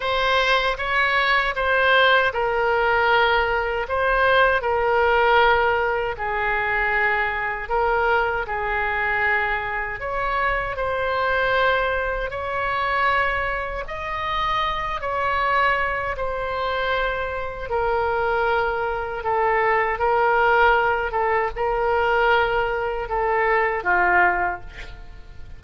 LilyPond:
\new Staff \with { instrumentName = "oboe" } { \time 4/4 \tempo 4 = 78 c''4 cis''4 c''4 ais'4~ | ais'4 c''4 ais'2 | gis'2 ais'4 gis'4~ | gis'4 cis''4 c''2 |
cis''2 dis''4. cis''8~ | cis''4 c''2 ais'4~ | ais'4 a'4 ais'4. a'8 | ais'2 a'4 f'4 | }